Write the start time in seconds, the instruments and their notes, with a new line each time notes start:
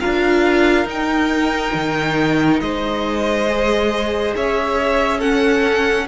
0.00 cello D4, viola F4, violin A#4 F5
0.85 cello D#4, viola D#4, violin G5
1.74 cello D#3
2.60 cello G#3, violin C5 D#5
3.49 viola G#4
4.36 cello C#4, violin C#5 E5
5.18 viola C#4, violin A4 F#5